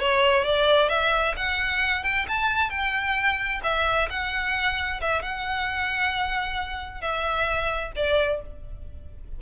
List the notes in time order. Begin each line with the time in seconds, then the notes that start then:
0.00 C#5
0.44 D5
0.89 E5
1.37 F#5
2.03 G5
2.28 A5
2.70 G5
3.63 E5
4.10 F#5
5.01 E5
5.22 F#5
7.01 E5
7.96 D5